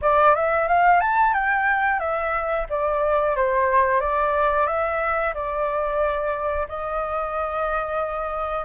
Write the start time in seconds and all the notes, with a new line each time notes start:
0.02 D5
0.35 E5
0.68 F5
1.00 A5
1.33 G5
1.99 E5
2.69 D5
3.36 C5
4.00 D5
4.66 E5
5.34 D5
6.68 D#5